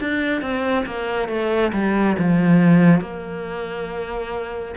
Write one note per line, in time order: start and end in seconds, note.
0.00 0.42 D4
0.42 0.85 C4
0.86 1.29 A#3
1.29 1.72 A3
1.73 2.17 G3
2.19 3.01 F3
3.01 4.75 A#3